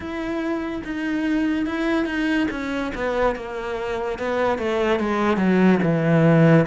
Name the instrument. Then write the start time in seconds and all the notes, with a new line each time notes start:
cello
0.00 E4
0.84 D#4
1.66 E4
2.05 D#4
2.50 C#4
2.94 B3
3.35 A#3
4.19 B3
4.58 A3
4.99 G#3
5.37 F#3
5.82 E3